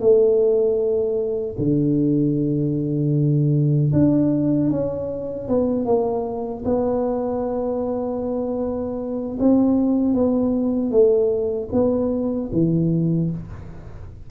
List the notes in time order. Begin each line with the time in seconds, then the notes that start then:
0.00 A3
1.58 D3
3.92 D4
4.70 C#4
5.48 B3
5.85 A#3
6.65 B3
9.39 C4
10.14 B3
10.91 A3
11.72 B3
12.52 E3